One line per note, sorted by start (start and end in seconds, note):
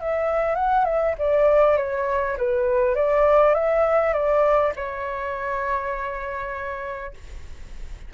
0.00 0.55 E5
0.55 0.85 F#5
0.85 1.14 E5
1.18 1.77 D5
1.77 2.37 C#5
2.38 2.95 B4
2.95 3.54 D5
3.54 4.13 E5
4.13 4.73 D5
4.76 7.13 C#5